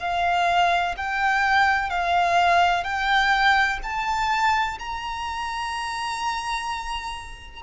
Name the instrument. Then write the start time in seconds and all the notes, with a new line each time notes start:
violin
0.00 F5
0.97 G5
1.90 F5
2.84 G5
3.84 A5
4.80 A#5